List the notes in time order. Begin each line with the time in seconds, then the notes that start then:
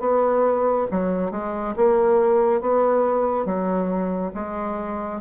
0.00 B3
0.91 F#3
1.32 G#3
1.77 A#3
2.62 B3
3.46 F#3
4.35 G#3